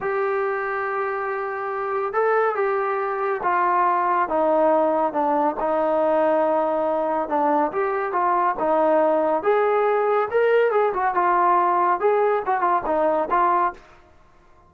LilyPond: \new Staff \with { instrumentName = "trombone" } { \time 4/4 \tempo 4 = 140 g'1~ | g'4 a'4 g'2 | f'2 dis'2 | d'4 dis'2.~ |
dis'4 d'4 g'4 f'4 | dis'2 gis'2 | ais'4 gis'8 fis'8 f'2 | gis'4 fis'8 f'8 dis'4 f'4 | }